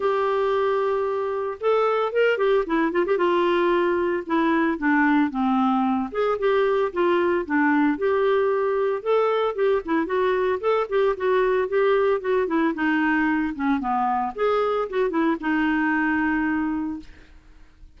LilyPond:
\new Staff \with { instrumentName = "clarinet" } { \time 4/4 \tempo 4 = 113 g'2. a'4 | ais'8 g'8 e'8 f'16 g'16 f'2 | e'4 d'4 c'4. gis'8 | g'4 f'4 d'4 g'4~ |
g'4 a'4 g'8 e'8 fis'4 | a'8 g'8 fis'4 g'4 fis'8 e'8 | dis'4. cis'8 b4 gis'4 | fis'8 e'8 dis'2. | }